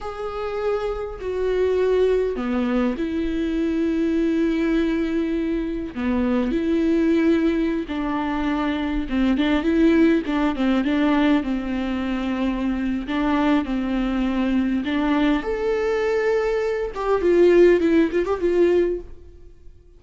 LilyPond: \new Staff \with { instrumentName = "viola" } { \time 4/4 \tempo 4 = 101 gis'2 fis'2 | b4 e'2.~ | e'2 b4 e'4~ | e'4~ e'16 d'2 c'8 d'16~ |
d'16 e'4 d'8 c'8 d'4 c'8.~ | c'2 d'4 c'4~ | c'4 d'4 a'2~ | a'8 g'8 f'4 e'8 f'16 g'16 f'4 | }